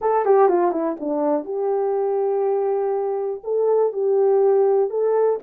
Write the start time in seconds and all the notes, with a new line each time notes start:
0.01 A4
0.25 G4
0.48 F4
0.71 E4
1.00 D4
1.44 G4
3.43 A4
3.92 G4
4.89 A4